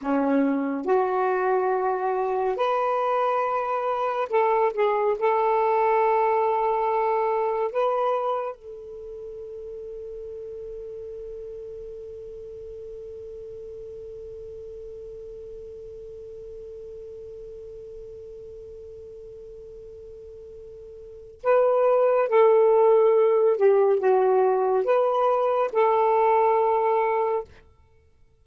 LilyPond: \new Staff \with { instrumentName = "saxophone" } { \time 4/4 \tempo 4 = 70 cis'4 fis'2 b'4~ | b'4 a'8 gis'8 a'2~ | a'4 b'4 a'2~ | a'1~ |
a'1~ | a'1~ | a'4 b'4 a'4. g'8 | fis'4 b'4 a'2 | }